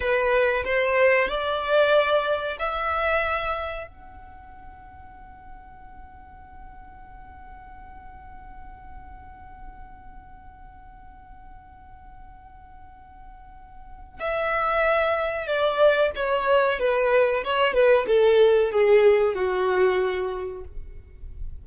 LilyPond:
\new Staff \with { instrumentName = "violin" } { \time 4/4 \tempo 4 = 93 b'4 c''4 d''2 | e''2 fis''2~ | fis''1~ | fis''1~ |
fis''1~ | fis''2 e''2 | d''4 cis''4 b'4 cis''8 b'8 | a'4 gis'4 fis'2 | }